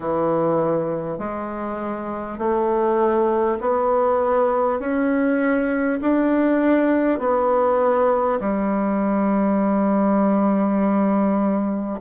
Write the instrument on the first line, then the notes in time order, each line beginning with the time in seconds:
bassoon
0.00 E3
1.18 G#3
2.38 A3
3.61 B3
4.79 C#4
6.01 D4
7.19 B3
8.40 G3